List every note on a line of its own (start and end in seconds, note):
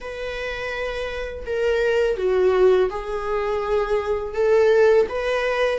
0.00 1.45 B4
1.46 2.17 A#4
2.17 2.89 F#4
2.89 4.34 G#4
4.34 5.06 A4
5.09 5.78 B4